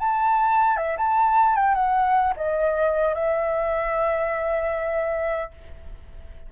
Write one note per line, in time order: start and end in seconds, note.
0.00 0.77 A5
0.77 0.97 E5
0.97 1.56 A5
1.56 1.75 G5
1.75 2.34 F#5
2.36 3.14 D#5
3.14 5.51 E5